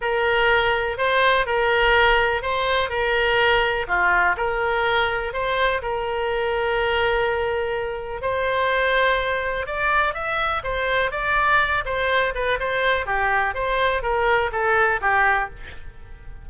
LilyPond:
\new Staff \with { instrumentName = "oboe" } { \time 4/4 \tempo 4 = 124 ais'2 c''4 ais'4~ | ais'4 c''4 ais'2 | f'4 ais'2 c''4 | ais'1~ |
ais'4 c''2. | d''4 e''4 c''4 d''4~ | d''8 c''4 b'8 c''4 g'4 | c''4 ais'4 a'4 g'4 | }